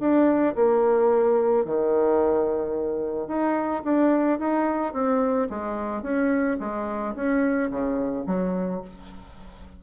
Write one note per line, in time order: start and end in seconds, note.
0.00 0.55 D4
0.56 1.66 A#3
1.66 3.28 D#3
3.28 3.83 D#4
3.84 4.39 D4
4.40 4.93 D#4
4.93 5.48 C4
5.50 6.03 G#3
6.03 6.58 C#4
6.60 7.15 G#3
7.15 7.70 C#4
7.71 8.26 C#3
8.27 8.82 F#3